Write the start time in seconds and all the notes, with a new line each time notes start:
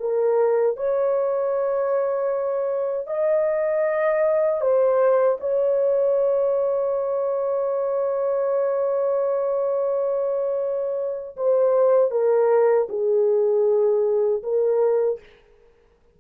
0.00 A#4
0.77 C#5
3.07 D#5
4.61 C5
5.41 C#5
11.37 C5
12.11 A#4
12.89 G#4
14.43 A#4